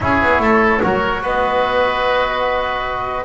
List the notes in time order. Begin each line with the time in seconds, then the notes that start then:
0.00 C#4 E4 G#4 C#5
0.22 B3
0.39 A3 A4
0.81 F#3 F#4 A#4
1.20 B3 B4 D#5